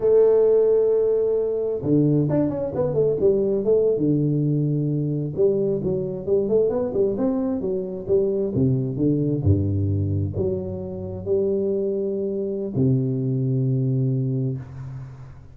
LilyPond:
\new Staff \with { instrumentName = "tuba" } { \time 4/4 \tempo 4 = 132 a1 | d4 d'8 cis'8 b8 a8 g4 | a8. d2. g16~ | g8. fis4 g8 a8 b8 g8 c'16~ |
c'8. fis4 g4 c4 d16~ | d8. g,2 fis4~ fis16~ | fis8. g2.~ g16 | c1 | }